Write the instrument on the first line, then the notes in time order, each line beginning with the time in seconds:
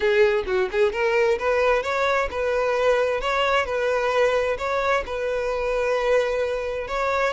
violin
0.00 G#4
0.46 F#4
0.71 G#4
0.92 A#4
1.38 B4
1.83 C#5
2.30 B4
3.20 C#5
3.65 B4
4.57 C#5
5.05 B4
6.87 C#5